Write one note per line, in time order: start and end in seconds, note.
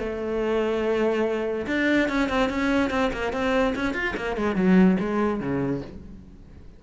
0.00 1.67 A3
1.67 2.09 D4
2.09 2.30 C#4
2.30 2.50 C4
2.50 2.91 C#4
2.91 3.11 C4
3.13 3.33 A#3
3.33 3.75 C4
3.76 3.94 C#4
3.94 4.15 F4
4.17 4.37 A#3
4.37 4.56 G#3
4.56 4.98 F#3
5.00 5.41 G#3
5.41 5.82 C#3